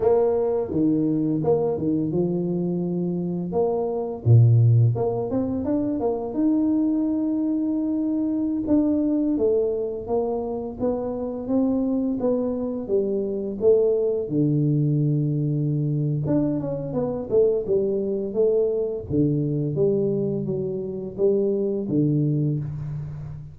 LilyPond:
\new Staff \with { instrumentName = "tuba" } { \time 4/4 \tempo 4 = 85 ais4 dis4 ais8 dis8 f4~ | f4 ais4 ais,4 ais8 c'8 | d'8 ais8 dis'2.~ | dis'16 d'4 a4 ais4 b8.~ |
b16 c'4 b4 g4 a8.~ | a16 d2~ d8. d'8 cis'8 | b8 a8 g4 a4 d4 | g4 fis4 g4 d4 | }